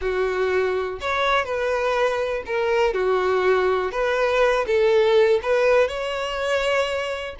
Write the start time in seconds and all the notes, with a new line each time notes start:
0.01 F#4
1.00 C#5
1.45 B4
2.45 A#4
2.93 F#4
3.91 B4
4.66 A4
5.42 B4
5.87 C#5